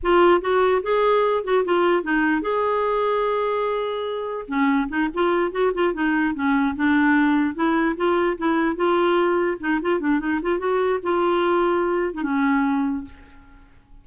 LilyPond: \new Staff \with { instrumentName = "clarinet" } { \time 4/4 \tempo 4 = 147 f'4 fis'4 gis'4. fis'8 | f'4 dis'4 gis'2~ | gis'2. cis'4 | dis'8 f'4 fis'8 f'8 dis'4 cis'8~ |
cis'8 d'2 e'4 f'8~ | f'8 e'4 f'2 dis'8 | f'8 d'8 dis'8 f'8 fis'4 f'4~ | f'4.~ f'16 dis'16 cis'2 | }